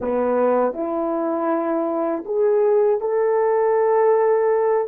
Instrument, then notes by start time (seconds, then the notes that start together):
horn
0.00 B3
0.73 E4
2.25 G#4
3.00 A4